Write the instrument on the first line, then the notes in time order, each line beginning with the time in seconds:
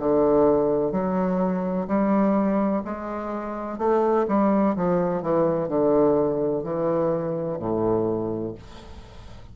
bassoon
0.00 D3
0.92 F#3
1.88 G3
2.85 G#3
3.78 A3
4.28 G3
4.76 F3
5.23 E3
5.69 D3
6.64 E3
7.60 A2